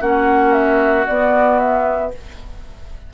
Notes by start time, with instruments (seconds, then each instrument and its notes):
0.00 bassoon A#3, clarinet C#4, oboe F#4, flute F#5
0.52 flute E5
1.06 bassoon B3, clarinet B3, flute D5
1.58 flute E5